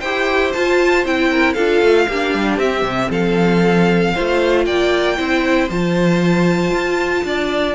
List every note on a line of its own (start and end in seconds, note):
0.00 0.54 E4
0.00 0.54 G4
0.00 1.29 C5
0.00 0.52 G5
0.53 1.05 F4
0.53 1.05 A5
1.05 1.57 C4
1.05 1.57 E4
1.05 1.54 G5
1.31 1.55 A#4
1.54 1.82 D4
1.54 2.09 F4
1.54 2.06 A4
1.54 2.57 F5
1.82 2.08 A3
2.08 2.34 A#3
2.08 2.63 D4
2.08 3.11 G4
2.34 2.57 G3
2.57 2.82 C4
2.57 4.18 C4
2.57 3.11 E5
2.82 3.08 C3
3.11 4.14 F3
3.11 4.14 A4
3.11 4.66 F5
4.14 5.17 F4
4.14 4.65 C5
4.20 4.67 A3
4.66 5.19 A#3
4.66 5.18 D5
4.66 5.69 G5
5.17 5.70 C4
5.17 5.69 E4
5.17 7.24 C5
5.70 6.72 F3
5.70 7.76 F4
5.70 7.76 A5
6.72 7.24 F4
7.24 7.76 D4
7.24 7.76 D5